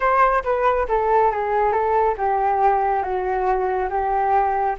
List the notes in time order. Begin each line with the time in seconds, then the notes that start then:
0.00 C5
0.44 B4
0.88 A4
1.31 G#4
1.72 A4
2.17 G4
3.02 F#4
3.89 G4